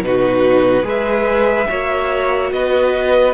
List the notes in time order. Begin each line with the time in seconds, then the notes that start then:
0.00 B2 D#4 B4
0.07 F#4
0.83 G#3 G#4 B4 E5
1.68 A#3 F#4 C#5
2.52 B3 B4 D#5